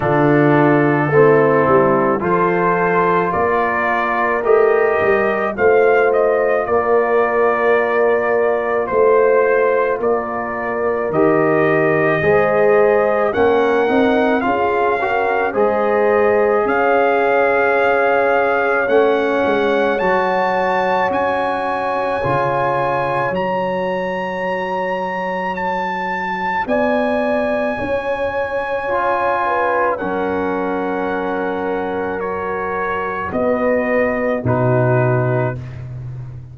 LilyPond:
<<
  \new Staff \with { instrumentName = "trumpet" } { \time 4/4 \tempo 4 = 54 a'2 c''4 d''4 | dis''4 f''8 dis''8 d''2 | c''4 d''4 dis''2 | fis''4 f''4 dis''4 f''4~ |
f''4 fis''4 a''4 gis''4~ | gis''4 ais''2 a''4 | gis''2. fis''4~ | fis''4 cis''4 dis''4 b'4 | }
  \new Staff \with { instrumentName = "horn" } { \time 4/4 f'4 e'4 a'4 ais'4~ | ais'4 c''4 ais'2 | c''4 ais'2 c''4 | ais'4 gis'8 ais'8 c''4 cis''4~ |
cis''1~ | cis''1 | d''4 cis''4. b'8 ais'4~ | ais'2 b'4 fis'4 | }
  \new Staff \with { instrumentName = "trombone" } { \time 4/4 d'4 c'4 f'2 | g'4 f'2.~ | f'2 g'4 gis'4 | cis'8 dis'8 f'8 fis'8 gis'2~ |
gis'4 cis'4 fis'2 | f'4 fis'2.~ | fis'2 f'4 cis'4~ | cis'4 fis'2 dis'4 | }
  \new Staff \with { instrumentName = "tuba" } { \time 4/4 d4 a8 g8 f4 ais4 | a8 g8 a4 ais2 | a4 ais4 dis4 gis4 | ais8 c'8 cis'4 gis4 cis'4~ |
cis'4 a8 gis8 fis4 cis'4 | cis4 fis2. | b4 cis'2 fis4~ | fis2 b4 b,4 | }
>>